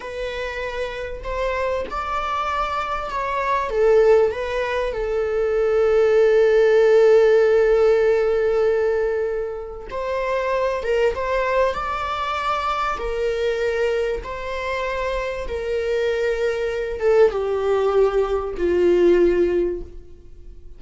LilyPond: \new Staff \with { instrumentName = "viola" } { \time 4/4 \tempo 4 = 97 b'2 c''4 d''4~ | d''4 cis''4 a'4 b'4 | a'1~ | a'1 |
c''4. ais'8 c''4 d''4~ | d''4 ais'2 c''4~ | c''4 ais'2~ ais'8 a'8 | g'2 f'2 | }